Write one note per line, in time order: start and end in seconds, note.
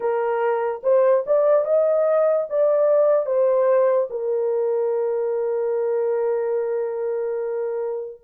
0.00 0.81 A#4
0.83 1.24 C5
1.26 1.64 D5
1.64 2.47 D#5
2.49 3.25 D5
3.25 4.08 C5
4.09 8.20 A#4